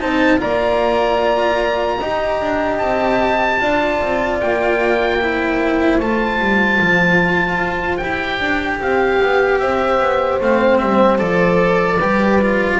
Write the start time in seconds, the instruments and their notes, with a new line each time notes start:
0.00 double bass C4, cello D#4, horn C5, oboe A5
0.38 double bass A#3, cello F4, horn D5, oboe A#5
2.00 double bass D#4, cello G4, horn D#5
2.41 double bass D4
2.79 double bass C4, oboe A5
3.60 double bass D4, cello F4, horn D5
4.03 double bass C4
4.41 double bass A#3, oboe G5
5.21 cello E4, horn C5
6.00 double bass A3, cello F4, oboe A5
6.40 double bass G3
6.81 double bass F3
7.59 double bass F4
7.98 double bass E4, cello G4, oboe G5
8.40 double bass D4
8.80 double bass C4, horn G4, oboe F5
9.23 double bass B3
9.60 double bass C4, horn C5, oboe E5
10.01 double bass B3
10.41 double bass A3, cello C4, oboe F5
10.79 double bass G3, oboe E5
11.18 double bass F3, cello A4, oboe D5
11.98 double bass G3, cello G4, horn B4
12.42 cello F4